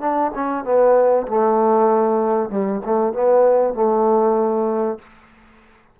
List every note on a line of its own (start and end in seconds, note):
0.00 0.31 D4
0.34 0.64 C#4
0.64 1.26 B3
1.27 2.49 A3
2.49 2.81 G3
2.85 3.12 A3
3.12 3.74 B3
3.74 4.99 A3